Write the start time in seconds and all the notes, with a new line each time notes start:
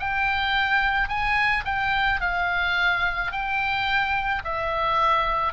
0.00 G5
1.09 G#5
1.65 G5
2.21 F5
3.32 G5
4.44 E5